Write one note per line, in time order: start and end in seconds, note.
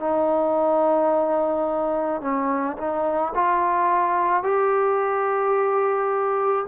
0.00 2.21 D#4
2.21 2.77 C#4
2.78 3.33 D#4
3.35 4.43 F4
4.43 6.66 G4